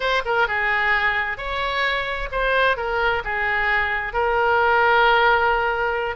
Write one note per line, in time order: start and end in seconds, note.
0.00 0.22 C5
0.25 0.47 A#4
0.47 1.37 G#4
1.37 2.29 C#5
2.31 2.76 C5
2.76 3.22 A#4
3.24 4.13 G#4
4.13 6.16 A#4